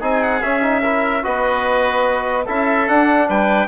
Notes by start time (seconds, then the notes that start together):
0.00 C4 D#4 G#4 G#5
0.23 F#5
0.43 C#4 E5
0.62 D#4
0.82 E4 A#4
1.23 B3 F#4 B4 D#5
2.46 C#4 E4 A4 E5
2.87 D4 F#5
3.29 G3 B4 G5